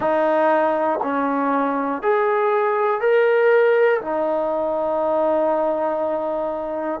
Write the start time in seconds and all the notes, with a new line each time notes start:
0.00 D#4
1.02 C#4
2.02 G#4
3.00 A#4
4.00 D#4